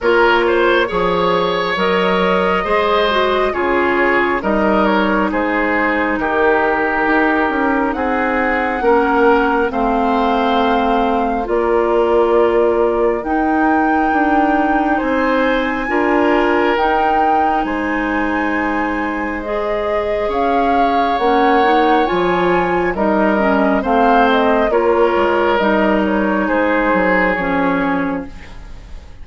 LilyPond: <<
  \new Staff \with { instrumentName = "flute" } { \time 4/4 \tempo 4 = 68 cis''2 dis''2 | cis''4 dis''8 cis''8 c''4 ais'4~ | ais'4 fis''2 f''4~ | f''4 d''2 g''4~ |
g''4 gis''2 g''4 | gis''2 dis''4 f''4 | fis''4 gis''4 dis''4 f''8 dis''8 | cis''4 dis''8 cis''8 c''4 cis''4 | }
  \new Staff \with { instrumentName = "oboe" } { \time 4/4 ais'8 c''8 cis''2 c''4 | gis'4 ais'4 gis'4 g'4~ | g'4 gis'4 ais'4 c''4~ | c''4 ais'2.~ |
ais'4 c''4 ais'2 | c''2. cis''4~ | cis''2 ais'4 c''4 | ais'2 gis'2 | }
  \new Staff \with { instrumentName = "clarinet" } { \time 4/4 f'4 gis'4 ais'4 gis'8 fis'8 | f'4 dis'2.~ | dis'2 cis'4 c'4~ | c'4 f'2 dis'4~ |
dis'2 f'4 dis'4~ | dis'2 gis'2 | cis'8 dis'8 f'4 dis'8 cis'8 c'4 | f'4 dis'2 cis'4 | }
  \new Staff \with { instrumentName = "bassoon" } { \time 4/4 ais4 f4 fis4 gis4 | cis4 g4 gis4 dis4 | dis'8 cis'8 c'4 ais4 a4~ | a4 ais2 dis'4 |
d'4 c'4 d'4 dis'4 | gis2. cis'4 | ais4 f4 g4 a4 | ais8 gis8 g4 gis8 fis8 f4 | }
>>